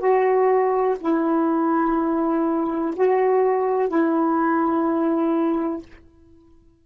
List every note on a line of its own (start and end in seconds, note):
0.00 0.97 F#4
1.01 2.94 E4
2.96 3.89 F#4
3.89 5.82 E4